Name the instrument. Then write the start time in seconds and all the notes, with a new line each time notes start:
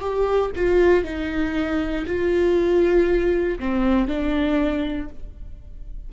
viola
0.00 G4
0.56 F4
1.04 D#4
2.07 F4
3.60 C4
4.08 D4